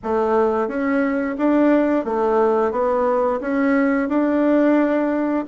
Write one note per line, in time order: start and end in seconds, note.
0.03 0.68 A3
0.68 1.36 C#4
1.38 2.05 D4
2.05 2.71 A3
2.71 3.39 B3
3.40 4.08 C#4
4.08 5.45 D4